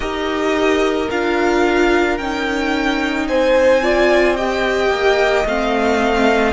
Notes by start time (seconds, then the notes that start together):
0.00 D#4 G4 A#4 D#5
1.10 D4 F4 F5
2.17 C#4 D#4 G5
3.27 C4 C5 G#5
3.82 F4 D5
4.36 G4 D#5 G5
4.90 A#3
5.45 A3 C4 F5